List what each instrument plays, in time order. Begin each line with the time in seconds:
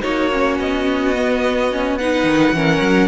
0.00 cello A#3, viola D#4, violin F#4 C#5
0.32 viola C#4
0.58 cello B3, violin D#5
1.15 viola B3
1.71 viola C#4
1.98 viola D#4, violin B4 F#5
2.24 cello D#3
2.52 cello E3, viola C#4, violin A#4
2.81 cello F#3